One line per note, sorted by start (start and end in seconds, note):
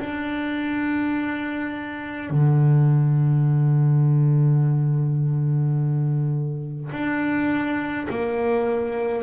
0.00 2.30 D4
2.30 6.92 D3
6.92 8.08 D4
8.10 9.24 A#3